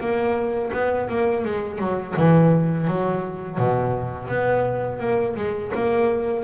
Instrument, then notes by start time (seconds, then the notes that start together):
double bass
0.00 A#3
0.72 B3
1.09 A#3
1.44 G#3
1.78 F#3
2.17 E3
2.87 F#3
3.58 B2
4.28 B3
4.99 A#3
5.36 G#3
5.74 A#3